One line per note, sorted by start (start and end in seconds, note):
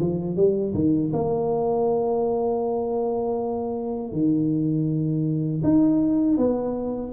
0.00 0.36 F3
0.36 0.73 G3
0.74 1.11 D#3
1.13 4.12 A#3
4.12 5.62 D#3
5.63 6.37 D#4
6.37 7.12 B3